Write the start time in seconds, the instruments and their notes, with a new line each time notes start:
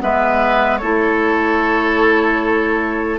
0.00 bassoon G#3, clarinet B3, oboe B4, flute E5
0.77 bassoon A3, clarinet E4, oboe A4, flute C#5